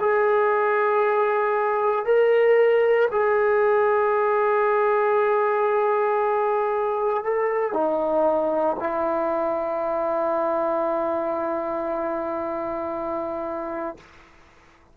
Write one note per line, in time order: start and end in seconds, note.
0.00 2.05 G#4
2.05 3.08 A#4
3.11 7.23 G#4
7.23 7.73 A4
7.73 8.76 D#4
8.79 13.97 E4